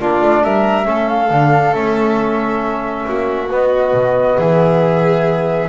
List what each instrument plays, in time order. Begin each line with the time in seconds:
0.00 double bass A#3, trombone D4, violin F4, flute D5
0.22 double bass A3
0.44 double bass G3, violin A#4, flute E5
0.84 double bass A3, trombone C#4, violin A4
1.08 flute F5
1.30 double bass D3, trombone D4
1.73 double bass A3, trombone C#4, flute E5
3.06 double bass A#3, violin F#4
3.50 trombone B3, double bass B3, flute D#5
3.93 double bass B2
4.37 double bass E3, violin G#4, flute E5